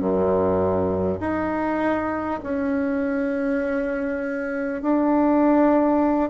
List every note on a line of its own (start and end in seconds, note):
0.00 1.20 F#2
1.21 2.41 D#4
2.43 4.82 C#4
4.82 6.30 D4